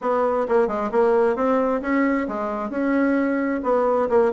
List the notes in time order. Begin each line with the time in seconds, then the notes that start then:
0.01 B3
0.48 A#3
0.67 G#3
0.91 A#3
1.35 C4
1.81 C#4
2.27 G#3
2.69 C#4
3.63 B3
4.09 A#3